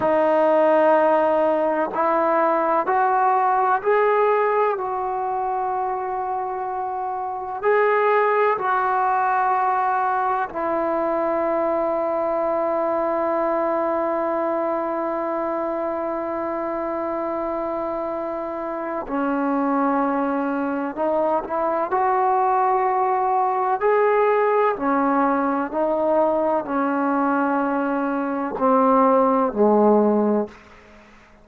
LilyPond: \new Staff \with { instrumentName = "trombone" } { \time 4/4 \tempo 4 = 63 dis'2 e'4 fis'4 | gis'4 fis'2. | gis'4 fis'2 e'4~ | e'1~ |
e'1 | cis'2 dis'8 e'8 fis'4~ | fis'4 gis'4 cis'4 dis'4 | cis'2 c'4 gis4 | }